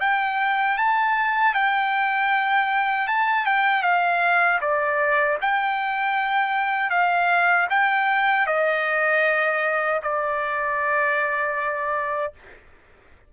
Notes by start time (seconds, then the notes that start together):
0.00 G5
0.77 A5
1.54 G5
3.07 A5
3.45 G5
3.83 F5
4.61 D5
5.41 G5
6.90 F5
7.70 G5
8.47 D#5
10.02 D5